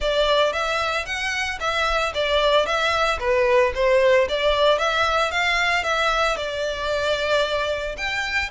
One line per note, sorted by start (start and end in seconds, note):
0.00 0.52 D5
0.52 1.05 E5
1.05 1.58 F#5
1.59 2.12 E5
2.14 2.65 D5
2.65 3.19 E5
3.19 3.72 B4
3.75 4.28 C5
4.28 4.78 D5
4.78 5.31 E5
5.31 5.83 F5
5.83 6.36 E5
6.36 7.96 D5
7.97 8.50 G5